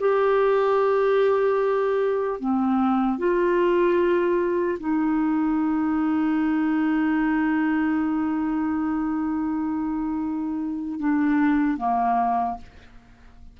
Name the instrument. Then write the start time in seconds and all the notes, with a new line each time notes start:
clarinet
0.00 G4
2.40 C4
3.18 F4
4.80 D#4
11.00 D4
11.77 A#3